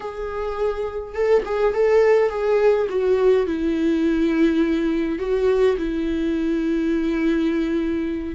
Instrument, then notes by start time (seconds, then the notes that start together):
viola
0.00 G#4
1.14 A4
1.45 G#4
1.74 A4
2.29 G#4
2.89 F#4
3.46 E4
5.18 F#4
5.77 E4